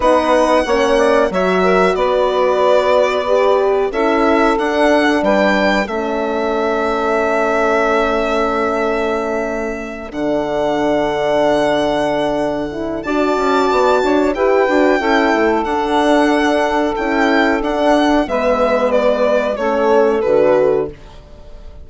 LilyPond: <<
  \new Staff \with { instrumentName = "violin" } { \time 4/4 \tempo 4 = 92 fis''2 e''4 d''4~ | d''2 e''4 fis''4 | g''4 e''2.~ | e''2.~ e''8 fis''8~ |
fis''1 | a''2 g''2 | fis''2 g''4 fis''4 | e''4 d''4 cis''4 b'4 | }
  \new Staff \with { instrumentName = "saxophone" } { \time 4/4 b'4 cis''8 d''8 cis''8 ais'8 b'4~ | b'2 a'2 | b'4 a'2.~ | a'1~ |
a'1 | d''4. cis''8 b'4 a'4~ | a'1 | b'2 a'2 | }
  \new Staff \with { instrumentName = "horn" } { \time 4/4 dis'4 cis'4 fis'2~ | fis'4 g'4 e'4 d'4~ | d'4 cis'2.~ | cis'2.~ cis'8 d'8~ |
d'2.~ d'8 e'8 | fis'2 g'8 fis'8 e'4 | d'2 e'4 d'4 | b2 cis'4 fis'4 | }
  \new Staff \with { instrumentName = "bassoon" } { \time 4/4 b4 ais4 fis4 b4~ | b2 cis'4 d'4 | g4 a2.~ | a2.~ a8 d8~ |
d1 | d'8 cis'8 b8 d'8 e'8 d'8 cis'8 a8 | d'2 cis'4 d'4 | gis2 a4 d4 | }
>>